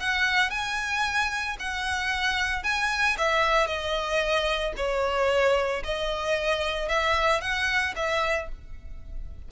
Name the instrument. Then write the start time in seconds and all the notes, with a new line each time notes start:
violin
0.00 F#5
0.50 G#5
1.60 F#5
2.63 G#5
3.18 E5
3.67 D#5
4.77 C#5
5.84 D#5
6.89 E5
7.41 F#5
7.96 E5